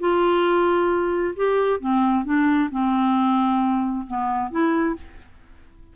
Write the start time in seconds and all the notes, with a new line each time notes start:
0.00 F4
1.36 G4
1.80 C4
2.25 D4
2.71 C4
4.07 B3
4.51 E4